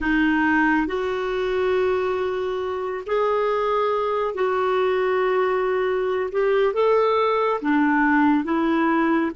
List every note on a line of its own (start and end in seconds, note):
0.00 0.87 D#4
0.87 3.04 F#4
3.06 4.34 G#4
4.34 6.30 F#4
6.31 6.73 G4
6.73 7.60 A4
7.61 8.44 D4
8.44 9.31 E4